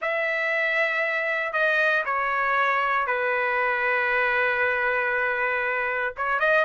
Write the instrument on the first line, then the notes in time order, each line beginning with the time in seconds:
trumpet
0.01 E5
1.52 D#5
2.05 C#5
3.06 B4
6.16 C#5
6.39 D#5